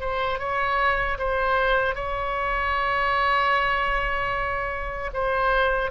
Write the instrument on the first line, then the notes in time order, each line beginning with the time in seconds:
oboe
0.00 C5
0.38 C#5
1.18 C5
1.94 C#5
5.13 C5